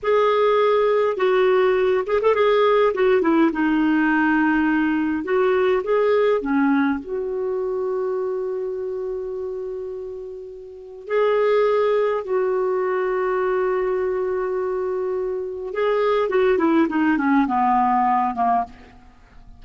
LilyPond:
\new Staff \with { instrumentName = "clarinet" } { \time 4/4 \tempo 4 = 103 gis'2 fis'4. gis'16 a'16 | gis'4 fis'8 e'8 dis'2~ | dis'4 fis'4 gis'4 cis'4 | fis'1~ |
fis'2. gis'4~ | gis'4 fis'2.~ | fis'2. gis'4 | fis'8 e'8 dis'8 cis'8 b4. ais8 | }